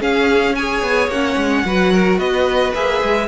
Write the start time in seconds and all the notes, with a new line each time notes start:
0.00 C#4 G#4 F5
0.55 G#4 C#5 G#5
0.82 B3
1.08 A#3 C#4 F#5
1.36 G#3
1.65 F#3 F#4 B4
1.93 A#4
2.18 B3 B4 D#5
2.75 A#3 G#4 E5
3.02 G#3